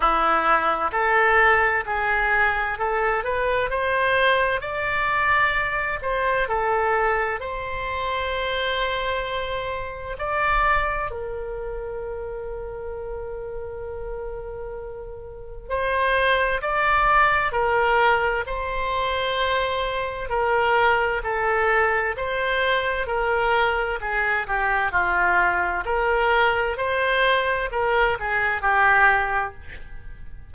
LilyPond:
\new Staff \with { instrumentName = "oboe" } { \time 4/4 \tempo 4 = 65 e'4 a'4 gis'4 a'8 b'8 | c''4 d''4. c''8 a'4 | c''2. d''4 | ais'1~ |
ais'4 c''4 d''4 ais'4 | c''2 ais'4 a'4 | c''4 ais'4 gis'8 g'8 f'4 | ais'4 c''4 ais'8 gis'8 g'4 | }